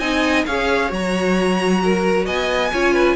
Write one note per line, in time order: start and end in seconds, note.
0.00 0.46 C4
0.00 0.47 D#4
0.00 0.45 D#5
0.00 0.45 G#5
0.46 0.92 C#4
0.46 0.90 G#4
0.46 1.82 C#5
0.46 0.91 F5
0.90 2.27 F#3
0.90 2.70 F#4
0.90 2.27 A#5
1.84 2.26 A#4
2.26 2.72 B3
2.26 2.71 D#5
2.26 3.17 G#5
2.73 3.17 C#4
2.73 3.17 F4
2.73 2.94 C#5
2.94 3.16 B4